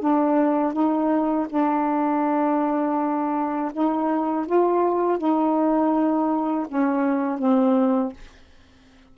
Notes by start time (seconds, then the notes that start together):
0.00 D4
0.73 D#4
1.49 D4
3.73 D#4
4.46 F4
5.18 D#4
6.68 C#4
7.38 C4